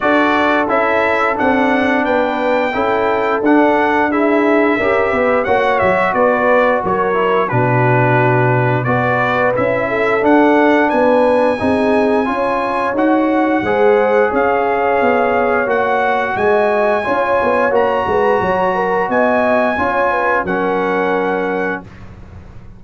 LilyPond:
<<
  \new Staff \with { instrumentName = "trumpet" } { \time 4/4 \tempo 4 = 88 d''4 e''4 fis''4 g''4~ | g''4 fis''4 e''2 | fis''8 e''8 d''4 cis''4 b'4~ | b'4 d''4 e''4 fis''4 |
gis''2. fis''4~ | fis''4 f''2 fis''4 | gis''2 ais''2 | gis''2 fis''2 | }
  \new Staff \with { instrumentName = "horn" } { \time 4/4 a'2. b'4 | a'2 gis'4 ais'8 b'8 | cis''4 b'4 ais'4 fis'4~ | fis'4 b'4. a'4. |
b'4 gis'4 cis''2 | c''4 cis''2. | dis''4 cis''4. b'8 cis''8 ais'8 | dis''4 cis''8 b'8 ais'2 | }
  \new Staff \with { instrumentName = "trombone" } { \time 4/4 fis'4 e'4 d'2 | e'4 d'4 e'4 g'4 | fis'2~ fis'8 e'8 d'4~ | d'4 fis'4 e'4 d'4~ |
d'4 dis'4 f'4 fis'4 | gis'2. fis'4~ | fis'4 f'4 fis'2~ | fis'4 f'4 cis'2 | }
  \new Staff \with { instrumentName = "tuba" } { \time 4/4 d'4 cis'4 c'4 b4 | cis'4 d'2 cis'8 b8 | ais8 fis8 b4 fis4 b,4~ | b,4 b4 cis'4 d'4 |
b4 c'4 cis'4 dis'4 | gis4 cis'4 b4 ais4 | gis4 cis'8 b8 ais8 gis8 fis4 | b4 cis'4 fis2 | }
>>